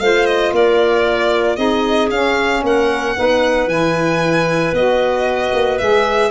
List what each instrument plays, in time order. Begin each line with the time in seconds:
0.00 tuba A3, saxophone F4, clarinet C5, violin F5
0.26 violin D#5
0.52 tuba A#3, clarinet A#4, violin D5
1.56 tuba C4, saxophone D#4, clarinet G#4, violin D#5
2.10 tuba C#4, saxophone C#4, violin F5
2.63 tuba A#3, clarinet A#4, violin F#5
3.16 tuba B3, saxophone D#4, clarinet B4
3.67 tuba E3, saxophone E4, violin G#5
4.73 tuba B3, saxophone F#4, violin D#5
5.53 tuba A#3
5.79 tuba G#3, saxophone G#4, violin E5